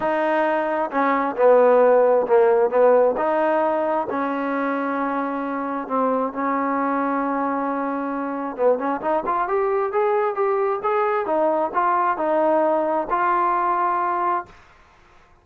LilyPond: \new Staff \with { instrumentName = "trombone" } { \time 4/4 \tempo 4 = 133 dis'2 cis'4 b4~ | b4 ais4 b4 dis'4~ | dis'4 cis'2.~ | cis'4 c'4 cis'2~ |
cis'2. b8 cis'8 | dis'8 f'8 g'4 gis'4 g'4 | gis'4 dis'4 f'4 dis'4~ | dis'4 f'2. | }